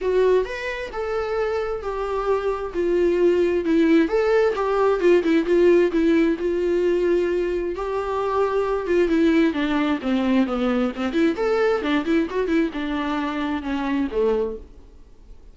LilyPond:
\new Staff \with { instrumentName = "viola" } { \time 4/4 \tempo 4 = 132 fis'4 b'4 a'2 | g'2 f'2 | e'4 a'4 g'4 f'8 e'8 | f'4 e'4 f'2~ |
f'4 g'2~ g'8 f'8 | e'4 d'4 c'4 b4 | c'8 e'8 a'4 d'8 e'8 fis'8 e'8 | d'2 cis'4 a4 | }